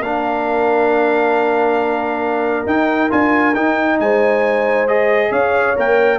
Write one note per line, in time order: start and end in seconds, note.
0.00 2.65 A#3
0.00 2.67 D4
0.00 3.98 A#4
0.00 2.67 F5
2.66 3.11 D#4
2.66 3.10 D#4
2.66 3.11 G5
3.10 3.56 D4
3.10 3.54 F4
3.10 3.55 G#5
3.55 4.88 D#4
3.55 4.00 D#4
3.55 3.99 G5
4.00 5.32 G#3
4.00 5.31 C5
4.00 4.88 G#5
4.88 5.76 G#4
4.88 5.32 D#5
5.31 5.76 C#4
5.31 6.19 C#5
5.31 5.76 F5
5.76 6.19 A#3
5.76 6.19 A#4
5.76 6.19 G5